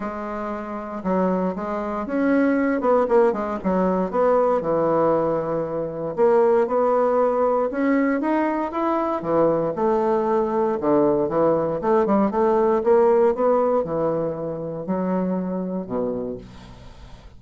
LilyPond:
\new Staff \with { instrumentName = "bassoon" } { \time 4/4 \tempo 4 = 117 gis2 fis4 gis4 | cis'4. b8 ais8 gis8 fis4 | b4 e2. | ais4 b2 cis'4 |
dis'4 e'4 e4 a4~ | a4 d4 e4 a8 g8 | a4 ais4 b4 e4~ | e4 fis2 b,4 | }